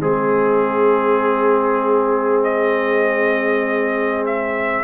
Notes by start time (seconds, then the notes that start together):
0.00 G#3 C4 G#4
2.43 D#5
4.26 E5